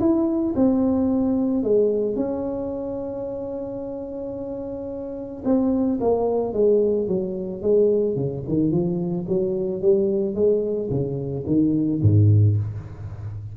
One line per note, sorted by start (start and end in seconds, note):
0.00 0.55 E4
0.56 1.63 C4
1.63 2.16 G#3
2.16 5.43 C#4
5.45 5.99 C4
6.00 6.53 A#3
6.53 7.08 G#3
7.08 7.62 F#3
7.62 8.15 G#3
8.15 8.43 C#3
8.48 8.71 D#3
8.71 9.26 F3
9.28 9.82 F#3
9.82 10.35 G3
10.35 10.89 G#3
10.90 11.45 C#3
11.46 12.01 D#3
12.02 12.57 G#2